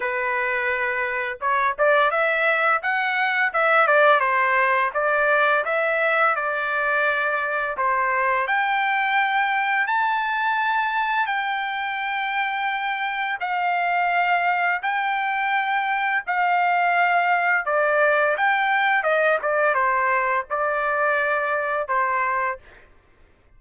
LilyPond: \new Staff \with { instrumentName = "trumpet" } { \time 4/4 \tempo 4 = 85 b'2 cis''8 d''8 e''4 | fis''4 e''8 d''8 c''4 d''4 | e''4 d''2 c''4 | g''2 a''2 |
g''2. f''4~ | f''4 g''2 f''4~ | f''4 d''4 g''4 dis''8 d''8 | c''4 d''2 c''4 | }